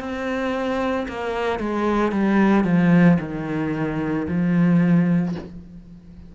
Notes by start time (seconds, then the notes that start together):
0.00 C4
1.09 A#3
1.60 G#3
2.12 G3
2.64 F3
3.20 D#3
4.28 F3